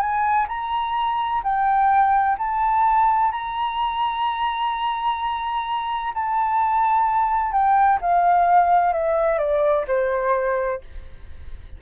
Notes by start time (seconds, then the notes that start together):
0.00 G#5
0.48 A#5
1.43 G5
2.38 A5
3.32 A#5
6.14 A5
7.52 G5
8.01 F5
8.93 E5
9.38 D5
9.87 C5